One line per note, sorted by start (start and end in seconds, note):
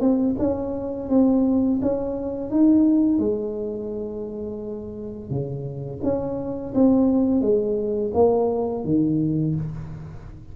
0.00 0.35 C4
0.38 1.09 C#4
1.09 1.80 C4
1.82 2.50 C#4
2.50 3.19 D#4
3.19 5.29 G#3
5.29 6.00 C#3
6.03 6.73 C#4
6.74 7.41 C4
7.41 8.11 G#3
8.14 8.84 A#3
8.84 9.55 D#3